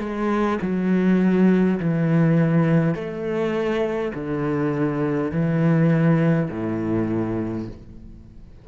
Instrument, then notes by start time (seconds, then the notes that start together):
cello
0.00 G#3
0.61 F#3
1.80 E3
2.94 A3
4.14 D3
5.31 E3
6.50 A2